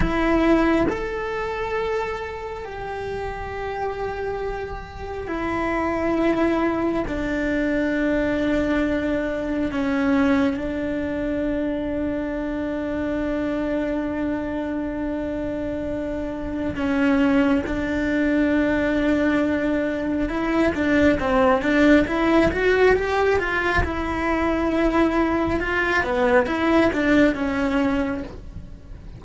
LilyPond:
\new Staff \with { instrumentName = "cello" } { \time 4/4 \tempo 4 = 68 e'4 a'2 g'4~ | g'2 e'2 | d'2. cis'4 | d'1~ |
d'2. cis'4 | d'2. e'8 d'8 | c'8 d'8 e'8 fis'8 g'8 f'8 e'4~ | e'4 f'8 b8 e'8 d'8 cis'4 | }